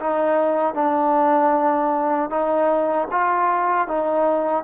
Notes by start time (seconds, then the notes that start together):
0.00 D#4
0.74 D4
2.30 D#4
3.11 F4
3.87 D#4